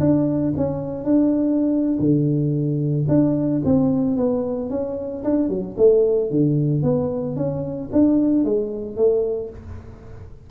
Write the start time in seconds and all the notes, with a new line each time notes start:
0.00 D4
0.57 C#4
1.04 D4
1.99 D3
3.08 D4
3.65 C4
4.17 B3
4.70 C#4
5.24 D4
5.49 F#3
5.77 A3
6.30 D3
6.83 B3
7.36 C#4
7.92 D4
8.44 G#3
8.96 A3